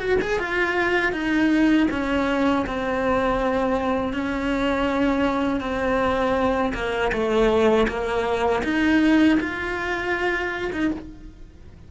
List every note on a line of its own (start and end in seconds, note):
0.00 0.19 F#4
0.22 0.40 G#4
0.40 1.13 F4
1.13 1.88 D#4
1.91 2.66 C#4
2.67 4.14 C4
4.14 5.61 C#4
5.61 6.73 C4
6.75 7.12 A#3
7.13 7.88 A3
7.89 8.64 A#3
8.64 9.39 D#4
9.40 10.71 F4
10.73 10.92 D#4